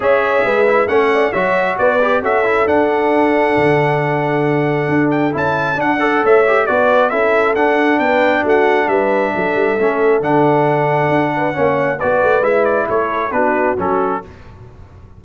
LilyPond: <<
  \new Staff \with { instrumentName = "trumpet" } { \time 4/4 \tempo 4 = 135 e''2 fis''4 e''4 | d''4 e''4 fis''2~ | fis''2.~ fis''8 g''8 | a''4 fis''4 e''4 d''4 |
e''4 fis''4 g''4 fis''4 | e''2. fis''4~ | fis''2. d''4 | e''8 d''8 cis''4 b'4 a'4 | }
  \new Staff \with { instrumentName = "horn" } { \time 4/4 cis''4 b'4 cis''8 d''8 cis''4 | b'4 a'2.~ | a'1~ | a'4. d''8 cis''4 b'4 |
a'2 b'4 fis'4 | b'4 a'2.~ | a'4. b'8 cis''4 b'4~ | b'4 a'4 fis'2 | }
  \new Staff \with { instrumentName = "trombone" } { \time 4/4 gis'4. e'8 cis'4 fis'4~ | fis'8 g'8 fis'8 e'8 d'2~ | d'1 | e'4 d'8 a'4 g'8 fis'4 |
e'4 d'2.~ | d'2 cis'4 d'4~ | d'2 cis'4 fis'4 | e'2 d'4 cis'4 | }
  \new Staff \with { instrumentName = "tuba" } { \time 4/4 cis'4 gis4 a4 fis4 | b4 cis'4 d'2 | d2. d'4 | cis'4 d'4 a4 b4 |
cis'4 d'4 b4 a4 | g4 fis8 g8 a4 d4~ | d4 d'4 ais4 b8 a8 | gis4 a4 b4 fis4 | }
>>